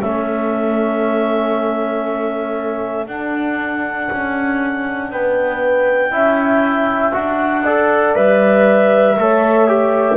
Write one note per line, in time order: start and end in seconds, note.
0.00 3.07 A3
0.00 3.07 C#4
0.00 5.08 A4
0.00 3.06 E5
3.07 6.11 D4
3.07 4.09 D4
3.07 5.11 F#5
4.11 5.10 C#4
5.10 6.12 B3
5.10 6.11 B4
5.10 7.14 G5
6.11 7.13 C#4
6.11 7.12 E4
6.11 7.64 E5
7.12 8.15 D4
7.12 7.63 F#4
7.12 8.15 F#5
7.64 8.16 A4
7.64 9.16 D5
8.15 9.17 G3
8.15 9.18 B4
8.15 10.17 E5
9.18 10.17 A3
9.18 9.68 A4
9.18 10.17 C#5
9.68 10.17 G4